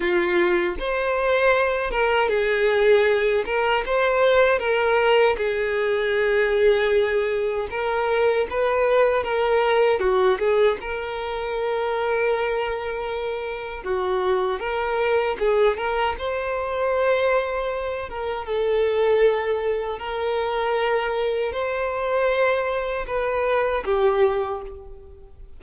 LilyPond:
\new Staff \with { instrumentName = "violin" } { \time 4/4 \tempo 4 = 78 f'4 c''4. ais'8 gis'4~ | gis'8 ais'8 c''4 ais'4 gis'4~ | gis'2 ais'4 b'4 | ais'4 fis'8 gis'8 ais'2~ |
ais'2 fis'4 ais'4 | gis'8 ais'8 c''2~ c''8 ais'8 | a'2 ais'2 | c''2 b'4 g'4 | }